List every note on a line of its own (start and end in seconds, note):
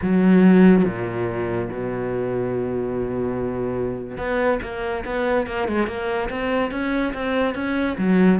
0.02 0.84 F#3
0.84 1.68 A#2
1.69 4.17 B2
4.17 4.59 B3
4.62 5.04 A#3
5.05 5.47 B3
5.47 5.68 A#3
5.68 5.87 G#3
5.87 6.29 A#3
6.29 6.71 C4
6.71 7.13 C#4
7.13 7.54 C4
7.54 7.96 C#4
7.98 8.39 F#3